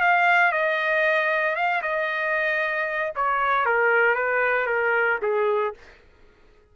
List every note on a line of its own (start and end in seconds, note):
0.00 0.52 F5
0.52 1.55 D#5
1.55 1.81 F5
1.82 3.12 D#5
3.15 3.65 C#5
3.65 4.15 A#4
4.15 4.66 B4
4.66 5.18 A#4
5.22 5.74 G#4